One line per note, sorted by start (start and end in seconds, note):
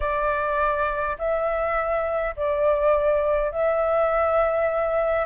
0.00 1.17 D5
1.18 2.35 E5
2.36 3.51 D5
3.51 5.25 E5